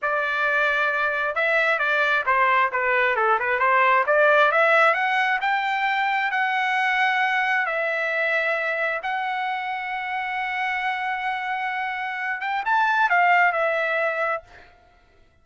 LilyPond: \new Staff \with { instrumentName = "trumpet" } { \time 4/4 \tempo 4 = 133 d''2. e''4 | d''4 c''4 b'4 a'8 b'8 | c''4 d''4 e''4 fis''4 | g''2 fis''2~ |
fis''4 e''2. | fis''1~ | fis''2.~ fis''8 g''8 | a''4 f''4 e''2 | }